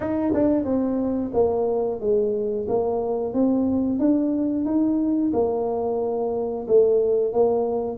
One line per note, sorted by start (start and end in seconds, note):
0.00 0.32 D#4
0.34 0.64 D4
0.64 1.31 C4
1.33 2.00 A#3
2.00 2.67 G#3
2.68 3.33 A#3
3.33 3.99 C4
3.99 4.65 D4
4.65 5.32 D#4
5.33 6.66 A#3
6.67 7.32 A3
7.32 7.97 A#3